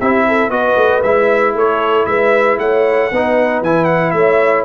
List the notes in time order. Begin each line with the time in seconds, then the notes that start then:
0.00 C4 E4 G4 E5
0.28 A4
0.50 B3 F#4 B4 D#5
0.77 A3
1.03 G#3 E4 E5
1.55 A3 A4 C#5
2.06 G#3 B4 E5
2.59 A3 C#5 F#5
3.12 B3 D#4 B4
3.62 E3 E4 G#5
3.85 F#5
4.11 A3 C#5 E5